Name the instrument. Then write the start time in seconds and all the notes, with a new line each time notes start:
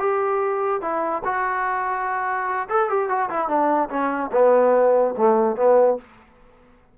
trombone
0.00 G4
0.82 E4
1.25 F#4
2.70 A4
2.90 G4
3.09 F#4
3.30 E4
3.49 D4
3.90 C#4
4.33 B3
5.18 A3
5.57 B3